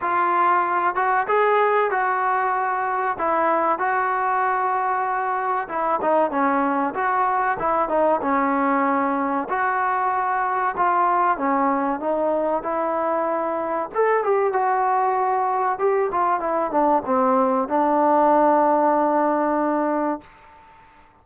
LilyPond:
\new Staff \with { instrumentName = "trombone" } { \time 4/4 \tempo 4 = 95 f'4. fis'8 gis'4 fis'4~ | fis'4 e'4 fis'2~ | fis'4 e'8 dis'8 cis'4 fis'4 | e'8 dis'8 cis'2 fis'4~ |
fis'4 f'4 cis'4 dis'4 | e'2 a'8 g'8 fis'4~ | fis'4 g'8 f'8 e'8 d'8 c'4 | d'1 | }